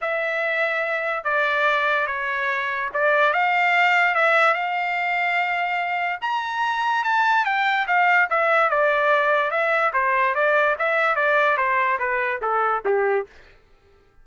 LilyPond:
\new Staff \with { instrumentName = "trumpet" } { \time 4/4 \tempo 4 = 145 e''2. d''4~ | d''4 cis''2 d''4 | f''2 e''4 f''4~ | f''2. ais''4~ |
ais''4 a''4 g''4 f''4 | e''4 d''2 e''4 | c''4 d''4 e''4 d''4 | c''4 b'4 a'4 g'4 | }